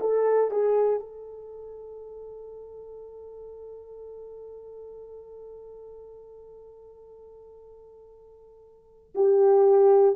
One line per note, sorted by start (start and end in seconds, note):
0.00 0.51 A4
0.51 1.00 G#4
1.00 9.13 A4
9.15 10.16 G4